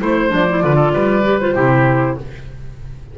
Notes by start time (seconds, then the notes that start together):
0.00 A3 E4 C5
0.30 F3 D4 D5
0.50 E4
0.61 D3 F4 B4
0.76 A4
0.94 G3 B4
1.24 G4
1.40 F4 C5
1.55 C3 E4 G4